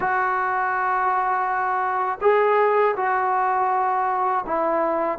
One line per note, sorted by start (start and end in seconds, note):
0.00 2.19 F#4
2.21 2.95 G#4
2.96 4.44 F#4
4.46 5.18 E4